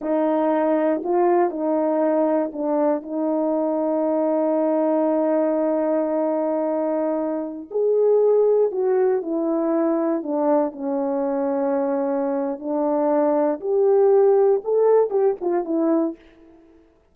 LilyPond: \new Staff \with { instrumentName = "horn" } { \time 4/4 \tempo 4 = 119 dis'2 f'4 dis'4~ | dis'4 d'4 dis'2~ | dis'1~ | dis'2.~ dis'16 gis'8.~ |
gis'4~ gis'16 fis'4 e'4.~ e'16~ | e'16 d'4 cis'2~ cis'8.~ | cis'4 d'2 g'4~ | g'4 a'4 g'8 f'8 e'4 | }